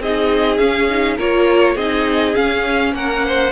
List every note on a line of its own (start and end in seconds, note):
0.00 0.59 C4
0.00 0.59 D#4
0.00 1.17 G#4
0.00 0.58 D#5
0.58 0.89 C#4
0.58 1.19 C#4
0.58 1.17 F5
0.90 1.19 D#4
1.17 1.76 A#3
1.17 1.78 F4
1.17 1.75 A#4
1.17 1.77 C#5
1.75 2.35 C4
1.75 2.35 D#4
1.75 2.93 G#4
1.75 2.35 D#5
2.35 3.52 C#4
2.35 2.93 C#4
2.35 2.94 F5
2.93 3.52 A#3
2.93 3.26 A#4
2.93 3.52 F#5
3.26 3.52 C5